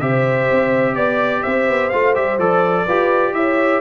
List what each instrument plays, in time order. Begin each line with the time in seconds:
0.00 tuba C3, trombone G4, horn C5, trumpet E5
0.51 tuba C4
0.94 tuba B3, horn D5, trumpet D5
1.43 tuba C4, horn C5, trumpet E5
1.68 tuba B3
1.90 tuba A3, trombone F4, trumpet F5
2.14 tuba G3, trombone G4, trumpet E5
2.38 tuba F3, trombone A4, trumpet D5
2.85 tuba F4, trombone G4, horn B4
3.33 tuba E4, horn C#5, trumpet E5